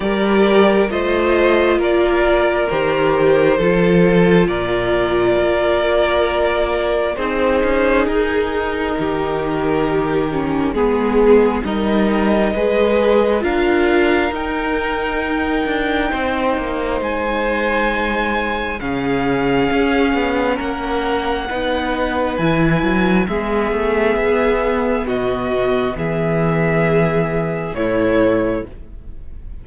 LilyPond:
<<
  \new Staff \with { instrumentName = "violin" } { \time 4/4 \tempo 4 = 67 d''4 dis''4 d''4 c''4~ | c''4 d''2. | c''4 ais'2. | gis'4 dis''2 f''4 |
g''2. gis''4~ | gis''4 f''2 fis''4~ | fis''4 gis''4 e''2 | dis''4 e''2 cis''4 | }
  \new Staff \with { instrumentName = "violin" } { \time 4/4 ais'4 c''4 ais'2 | a'4 ais'2. | gis'2 g'2 | gis'4 ais'4 b'4 ais'4~ |
ais'2 c''2~ | c''4 gis'2 ais'4 | b'2 gis'2 | fis'4 gis'2 e'4 | }
  \new Staff \with { instrumentName = "viola" } { \time 4/4 g'4 f'2 g'4 | f'1 | dis'2.~ dis'8 cis'8 | b4 dis'4 gis'4 f'4 |
dis'1~ | dis'4 cis'2. | dis'4 e'4 b2~ | b2. a4 | }
  \new Staff \with { instrumentName = "cello" } { \time 4/4 g4 a4 ais4 dis4 | f4 ais,4 ais2 | c'8 cis'8 dis'4 dis2 | gis4 g4 gis4 d'4 |
dis'4. d'8 c'8 ais8 gis4~ | gis4 cis4 cis'8 b8 ais4 | b4 e8 fis8 gis8 a8 b4 | b,4 e2 a,4 | }
>>